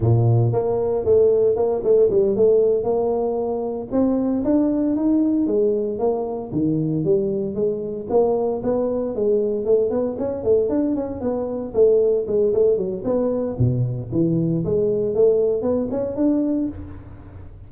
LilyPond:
\new Staff \with { instrumentName = "tuba" } { \time 4/4 \tempo 4 = 115 ais,4 ais4 a4 ais8 a8 | g8 a4 ais2 c'8~ | c'8 d'4 dis'4 gis4 ais8~ | ais8 dis4 g4 gis4 ais8~ |
ais8 b4 gis4 a8 b8 cis'8 | a8 d'8 cis'8 b4 a4 gis8 | a8 fis8 b4 b,4 e4 | gis4 a4 b8 cis'8 d'4 | }